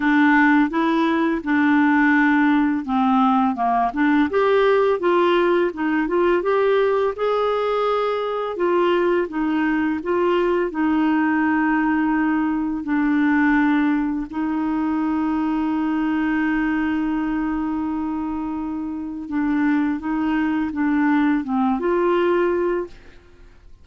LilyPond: \new Staff \with { instrumentName = "clarinet" } { \time 4/4 \tempo 4 = 84 d'4 e'4 d'2 | c'4 ais8 d'8 g'4 f'4 | dis'8 f'8 g'4 gis'2 | f'4 dis'4 f'4 dis'4~ |
dis'2 d'2 | dis'1~ | dis'2. d'4 | dis'4 d'4 c'8 f'4. | }